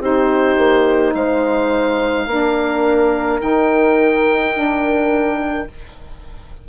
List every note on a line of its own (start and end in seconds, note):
0.00 0.57 C4
0.00 2.28 D#4
0.00 1.15 G4
0.00 1.14 C5
0.57 1.14 A#3
1.14 2.26 G#3
1.14 2.29 C5
1.14 3.41 F5
2.26 3.40 A#3
2.26 3.40 D4
2.26 5.68 A#4
3.40 5.68 D#3
3.40 4.54 D#4
3.40 5.67 G5
4.54 5.67 D4